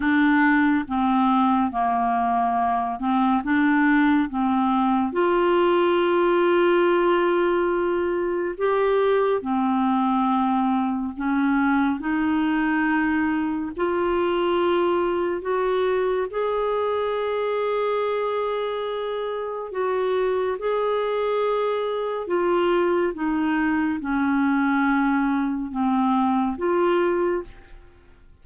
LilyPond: \new Staff \with { instrumentName = "clarinet" } { \time 4/4 \tempo 4 = 70 d'4 c'4 ais4. c'8 | d'4 c'4 f'2~ | f'2 g'4 c'4~ | c'4 cis'4 dis'2 |
f'2 fis'4 gis'4~ | gis'2. fis'4 | gis'2 f'4 dis'4 | cis'2 c'4 f'4 | }